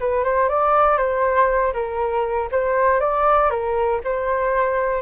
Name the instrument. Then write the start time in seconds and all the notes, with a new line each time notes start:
flute
0.00 B4
0.24 C5
0.50 D5
0.98 C5
1.74 A#4
2.52 C5
3.01 D5
3.51 A#4
4.05 C5